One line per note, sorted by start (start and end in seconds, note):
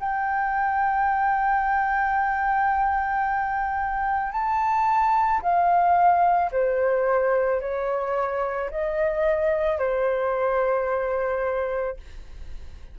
0.00 4.32 G5
4.32 5.41 A5
5.41 6.51 F5
6.52 7.61 C5
7.61 8.70 C#5
8.70 9.78 D#5
9.78 11.97 C5